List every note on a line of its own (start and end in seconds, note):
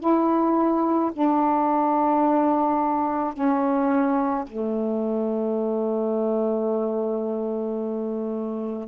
0.00 1.11 E4
1.13 3.34 D4
3.34 4.45 C#4
4.47 8.88 A3